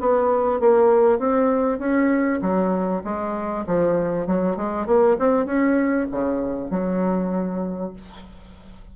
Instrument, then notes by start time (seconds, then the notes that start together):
bassoon
0.00 B3
0.60 A#3
1.19 C4
1.79 C#4
2.42 F#3
3.04 G#3
3.67 F3
4.27 F#3
4.56 G#3
4.86 A#3
5.19 C4
5.46 C#4
6.11 C#3
6.70 F#3